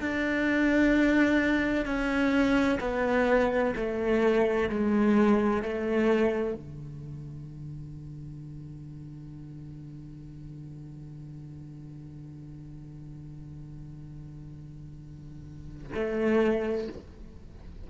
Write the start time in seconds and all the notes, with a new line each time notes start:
0.00 D4
1.85 C#4
2.80 B3
3.75 A3
4.69 G#3
5.62 A3
6.54 D3
15.94 A3